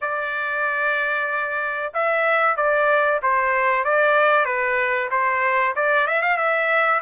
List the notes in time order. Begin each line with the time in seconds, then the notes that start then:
0.01 D5
1.93 E5
2.56 D5
3.22 C5
3.84 D5
4.45 B4
5.10 C5
5.75 D5
6.07 E5
6.22 F5
6.37 E5